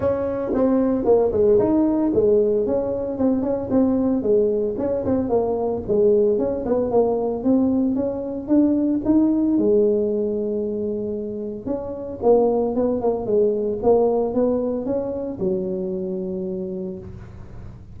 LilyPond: \new Staff \with { instrumentName = "tuba" } { \time 4/4 \tempo 4 = 113 cis'4 c'4 ais8 gis8 dis'4 | gis4 cis'4 c'8 cis'8 c'4 | gis4 cis'8 c'8 ais4 gis4 | cis'8 b8 ais4 c'4 cis'4 |
d'4 dis'4 gis2~ | gis2 cis'4 ais4 | b8 ais8 gis4 ais4 b4 | cis'4 fis2. | }